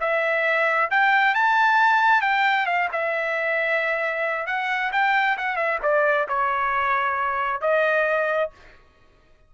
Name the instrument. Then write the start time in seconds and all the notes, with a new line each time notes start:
trumpet
0.00 E5
0.90 G5
1.34 A5
2.21 G5
2.66 F5
2.92 E5
4.46 F#5
4.92 G5
5.37 F#5
5.56 E5
5.82 D5
6.28 C#5
7.61 D#5